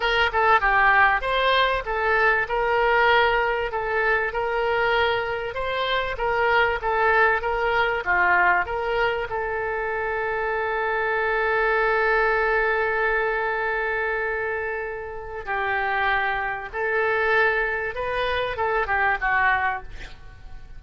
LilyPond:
\new Staff \with { instrumentName = "oboe" } { \time 4/4 \tempo 4 = 97 ais'8 a'8 g'4 c''4 a'4 | ais'2 a'4 ais'4~ | ais'4 c''4 ais'4 a'4 | ais'4 f'4 ais'4 a'4~ |
a'1~ | a'1~ | a'4 g'2 a'4~ | a'4 b'4 a'8 g'8 fis'4 | }